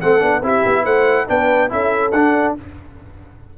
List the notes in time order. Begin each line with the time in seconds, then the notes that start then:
0.00 A3 C4 A4 F#5
0.20 B3 D4
0.42 C4 E4 G4 E5
0.66 B3
0.84 A3 C5 F#5
1.28 B3 D4 B4 G5
1.69 C#4 E4 A4 E5
2.12 D4 F#5